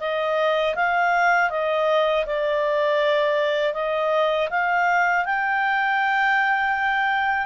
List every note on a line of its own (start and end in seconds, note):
0.00 0.75 D#5
0.75 1.50 F5
1.50 2.25 D#5
2.26 3.74 D5
3.74 4.49 D#5
4.50 5.25 F5
5.25 7.47 G5